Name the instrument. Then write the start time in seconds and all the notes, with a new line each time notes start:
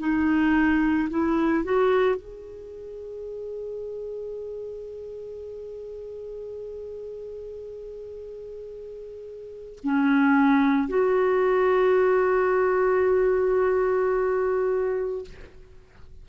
clarinet
0.00 D#4
1.10 E4
1.65 F#4
2.16 G#4
9.84 C#4
10.89 F#4